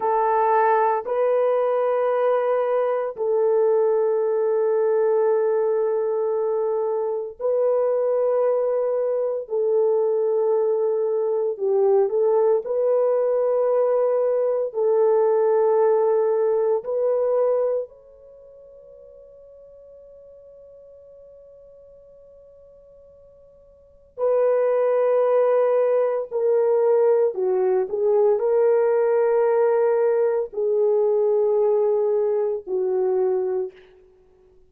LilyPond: \new Staff \with { instrumentName = "horn" } { \time 4/4 \tempo 4 = 57 a'4 b'2 a'4~ | a'2. b'4~ | b'4 a'2 g'8 a'8 | b'2 a'2 |
b'4 cis''2.~ | cis''2. b'4~ | b'4 ais'4 fis'8 gis'8 ais'4~ | ais'4 gis'2 fis'4 | }